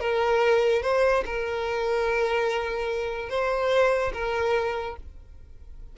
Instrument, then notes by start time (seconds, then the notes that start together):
violin
0.00 A#4
0.82 C5
1.25 A#4
3.30 C5
4.14 A#4